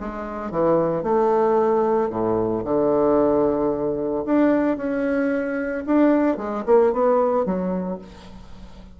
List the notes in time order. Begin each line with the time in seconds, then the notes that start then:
0.00 G#3
0.51 E3
1.03 A3
2.10 A2
2.64 D3
4.25 D4
4.77 C#4
5.86 D4
6.37 G#3
6.66 A#3
6.92 B3
7.45 F#3